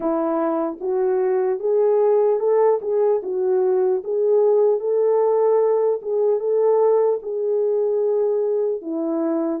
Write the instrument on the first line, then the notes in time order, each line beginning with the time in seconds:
horn
0.00 E4
0.80 F#4
1.59 G#4
2.39 A4
2.81 G#4
3.22 F#4
4.04 G#4
4.80 A4
6.02 G#4
6.39 A4
7.22 G#4
8.81 E4